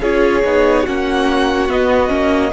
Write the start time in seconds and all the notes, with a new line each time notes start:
0.00 C#4 F4 G#4 C#5
0.44 B3 D#4
0.83 A#3 C#4 F#4 F#5
1.69 B3 D#5
2.08 A#3 C#4